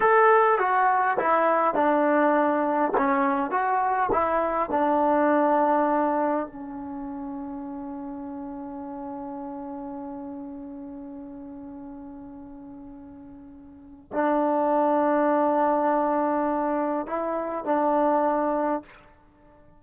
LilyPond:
\new Staff \with { instrumentName = "trombone" } { \time 4/4 \tempo 4 = 102 a'4 fis'4 e'4 d'4~ | d'4 cis'4 fis'4 e'4 | d'2. cis'4~ | cis'1~ |
cis'1~ | cis'1 | d'1~ | d'4 e'4 d'2 | }